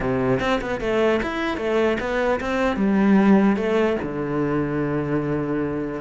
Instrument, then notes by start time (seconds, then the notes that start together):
cello
0.00 C3
0.40 C4
0.61 B3
0.80 A3
1.22 E4
1.57 A3
2.00 B3
2.40 C4
2.76 G3
3.56 A3
4.02 D3